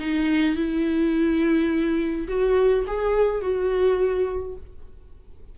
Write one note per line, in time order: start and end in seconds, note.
0.00 0.56 D#4
0.56 2.28 E4
2.28 2.85 F#4
2.88 3.42 G#4
3.42 4.56 F#4